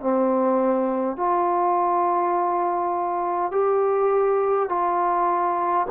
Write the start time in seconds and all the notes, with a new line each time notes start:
0.00 C4
1.17 F4
3.51 G4
4.69 F4